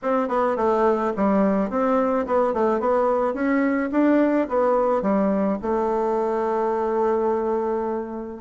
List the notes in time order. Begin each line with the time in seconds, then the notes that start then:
0.02 C4
0.28 B3
0.56 A3
1.16 G3
1.69 C4
2.26 B3
2.53 A3
2.79 B3
3.33 C#4
3.91 D4
4.48 B3
5.02 G3
5.62 A3